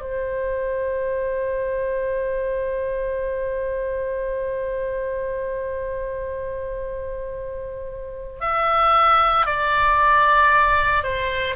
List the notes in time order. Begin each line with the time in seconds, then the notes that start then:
0.00 C5
8.40 E5
9.45 D5
11.03 C5